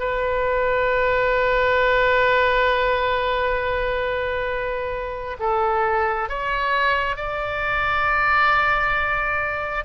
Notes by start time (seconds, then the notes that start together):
0.00 B4
5.40 A4
6.30 C#5
7.17 D5